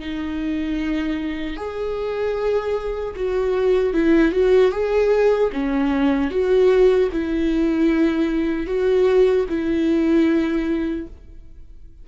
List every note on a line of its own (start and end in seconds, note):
0.00 1.57 D#4
1.57 3.15 G#4
3.16 3.94 F#4
3.94 4.32 E4
4.32 4.72 F#4
4.72 5.50 G#4
5.53 6.31 C#4
6.31 7.10 F#4
7.12 8.67 E4
8.67 9.46 F#4
9.49 11.07 E4